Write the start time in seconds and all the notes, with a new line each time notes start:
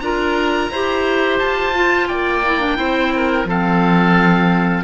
0.00 D4 F4 A#4 A#5
0.71 E4 G4 C5
1.39 F4 A5
1.74 F4
2.08 A#3 D5 G5
2.45 E4
2.60 D4
2.77 C4 E4 C5
3.16 A#4
3.45 F3 C4 A4 F5